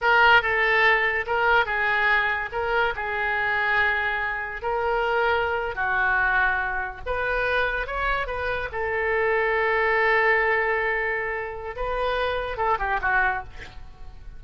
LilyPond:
\new Staff \with { instrumentName = "oboe" } { \time 4/4 \tempo 4 = 143 ais'4 a'2 ais'4 | gis'2 ais'4 gis'4~ | gis'2. ais'4~ | ais'4.~ ais'16 fis'2~ fis'16~ |
fis'8. b'2 cis''4 b'16~ | b'8. a'2.~ a'16~ | a'1 | b'2 a'8 g'8 fis'4 | }